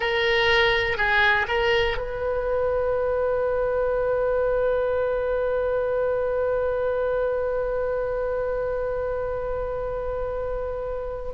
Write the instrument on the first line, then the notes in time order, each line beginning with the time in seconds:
oboe
0.00 A#4
0.97 G#4
1.48 A#4
1.97 B4